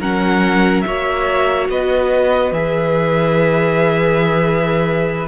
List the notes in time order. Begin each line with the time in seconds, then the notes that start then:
0.00 F#3 C#4 A#4 F#5
0.82 A#3 F#4 C#5 E5
1.69 B3 B4 D#5
2.52 E3 G#4 E5